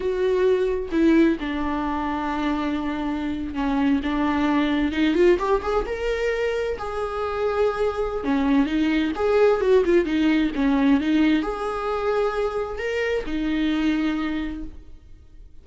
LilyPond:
\new Staff \with { instrumentName = "viola" } { \time 4/4 \tempo 4 = 131 fis'2 e'4 d'4~ | d'2.~ d'8. cis'16~ | cis'8. d'2 dis'8 f'8 g'16~ | g'16 gis'8 ais'2 gis'4~ gis'16~ |
gis'2 cis'4 dis'4 | gis'4 fis'8 f'8 dis'4 cis'4 | dis'4 gis'2. | ais'4 dis'2. | }